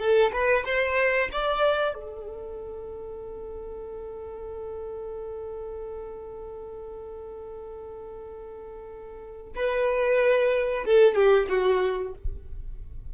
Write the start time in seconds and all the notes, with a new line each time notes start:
0.00 A4
0.33 B4
0.65 C5
1.33 D5
1.95 A4
9.56 B4
10.86 A4
11.15 G4
11.50 F#4